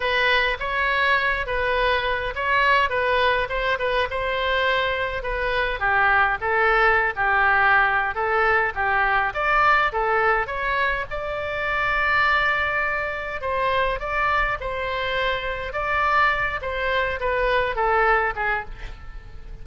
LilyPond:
\new Staff \with { instrumentName = "oboe" } { \time 4/4 \tempo 4 = 103 b'4 cis''4. b'4. | cis''4 b'4 c''8 b'8 c''4~ | c''4 b'4 g'4 a'4~ | a'16 g'4.~ g'16 a'4 g'4 |
d''4 a'4 cis''4 d''4~ | d''2. c''4 | d''4 c''2 d''4~ | d''8 c''4 b'4 a'4 gis'8 | }